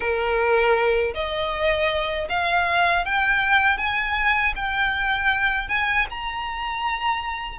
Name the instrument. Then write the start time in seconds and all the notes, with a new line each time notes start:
violin
0.00 A#4
1.14 D#5
2.29 F5
3.05 G5
3.77 G#5
4.55 G5
5.68 G#5
6.10 A#5